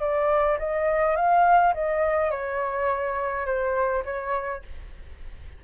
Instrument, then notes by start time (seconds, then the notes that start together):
flute
0.00 D5
0.59 D#5
1.16 F5
1.74 D#5
2.31 C#5
3.46 C5
4.04 C#5